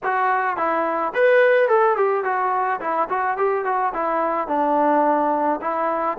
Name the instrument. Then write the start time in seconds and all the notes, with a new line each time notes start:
trombone
0.03 F#4
0.56 E4
1.14 B4
1.68 A4
1.96 G4
2.24 F#4
2.80 E4
3.09 F#4
3.37 G4
3.64 F#4
3.93 E4
4.47 D4
5.61 E4